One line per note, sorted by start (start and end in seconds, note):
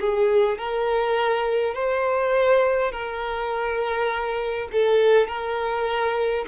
0.00 0.58 G#4
0.58 1.74 A#4
1.74 2.92 C5
2.92 4.68 A#4
4.72 5.28 A4
5.28 6.45 A#4